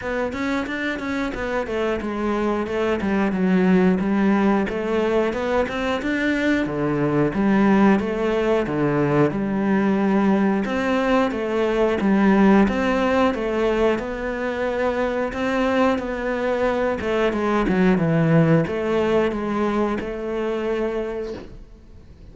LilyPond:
\new Staff \with { instrumentName = "cello" } { \time 4/4 \tempo 4 = 90 b8 cis'8 d'8 cis'8 b8 a8 gis4 | a8 g8 fis4 g4 a4 | b8 c'8 d'4 d4 g4 | a4 d4 g2 |
c'4 a4 g4 c'4 | a4 b2 c'4 | b4. a8 gis8 fis8 e4 | a4 gis4 a2 | }